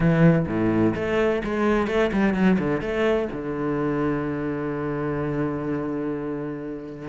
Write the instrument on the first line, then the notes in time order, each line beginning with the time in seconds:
cello
0.00 E3
0.47 A2
0.94 A3
1.44 G#3
1.87 A3
2.12 G3
2.34 F#3
2.58 D3
2.81 A3
3.32 D3